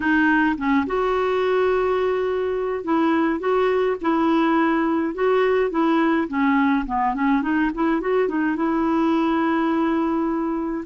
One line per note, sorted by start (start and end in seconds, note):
0.00 0.56 D#4
0.57 0.86 C#4
0.86 2.83 F#4
2.83 3.39 E4
3.39 3.96 F#4
4.01 5.14 E4
5.14 5.70 F#4
5.70 6.27 E4
6.28 6.85 C#4
6.85 7.14 B3
7.14 7.42 C#4
7.42 7.70 D#4
7.74 8.01 E4
8.01 8.28 F#4
8.28 8.56 D#4
8.56 10.84 E4